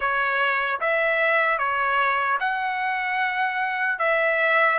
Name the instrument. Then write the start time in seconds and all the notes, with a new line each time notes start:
trumpet
0.00 C#5
0.80 E5
1.58 C#5
2.40 F#5
3.99 E5